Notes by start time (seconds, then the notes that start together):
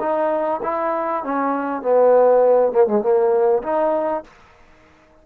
0.00 D#4
0.63 E4
1.24 C#4
1.82 B3
2.72 A#3
2.87 G#3
3.02 A#3
3.63 D#4